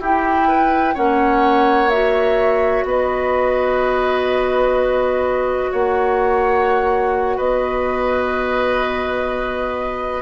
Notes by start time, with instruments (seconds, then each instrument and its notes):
0.00 bassoon E4, clarinet E4, oboe G4, flute G5
0.48 oboe B4
0.94 bassoon A#3, clarinet C#4, oboe C#5, flute F#5
1.90 clarinet F#4, flute E5
2.84 bassoon B3, oboe B4, flute D#5
5.72 bassoon A#3, oboe C#5, flute F#5
7.37 bassoon B3, oboe B4, flute D#5